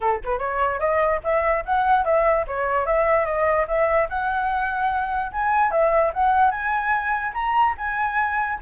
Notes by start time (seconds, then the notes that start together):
0.01 A4
0.24 B4
0.38 C#5
0.79 D#5
1.23 E5
1.65 F#5
2.04 E5
2.47 C#5
2.86 E5
3.25 D#5
3.67 E5
4.09 F#5
5.32 G#5
5.71 E5
6.13 F#5
6.50 G#5
7.33 A#5
7.77 G#5